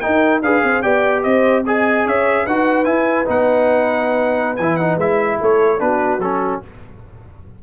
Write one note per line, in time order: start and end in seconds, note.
0.00 0.42 D#4
0.00 0.42 A#4
0.00 0.41 G5
0.42 0.62 D4
0.42 0.83 G#4
0.42 0.62 B4
0.42 0.82 F5
0.63 0.84 C4
0.63 0.83 C5
0.82 1.25 B3
0.82 1.64 G4
0.82 1.23 D5
0.82 1.22 G5
1.23 2.05 C4
1.23 1.65 C5
1.23 1.63 D#5
1.66 2.47 G#4
1.66 2.06 D#5
1.66 2.07 G#5
2.05 2.46 C#4
2.05 2.45 C#5
2.05 2.46 E5
2.45 2.86 D#4
2.45 2.85 F#4
2.45 5.39 B4
2.45 2.85 F#5
2.85 3.25 E4
2.85 3.26 E4
2.85 3.25 G#5
3.25 4.59 B3
3.25 4.57 D#4
3.25 4.56 F#5
4.56 4.97 E3
4.56 4.80 E4
4.56 4.76 G#5
4.76 5.00 D#4
4.76 4.97 F#5
4.97 5.38 G#3
4.97 5.79 E4
4.97 5.40 E5
5.40 5.80 A3
5.40 5.81 A4
5.40 5.80 C#5
5.79 6.18 B3
5.79 6.19 D4
5.79 6.63 F#4
5.79 6.21 B4
6.18 6.59 F#3
6.18 6.63 C#4
6.18 6.61 A4